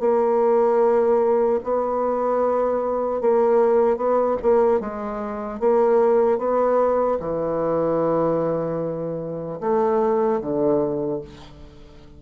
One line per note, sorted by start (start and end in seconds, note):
0.00 1.60 A#3
1.64 3.21 B3
3.21 3.97 A#3
3.97 4.37 B3
4.43 4.80 A#3
4.80 5.60 G#3
5.60 6.39 A#3
6.39 7.19 B3
7.20 9.60 E3
9.61 10.41 A3
10.41 11.21 D3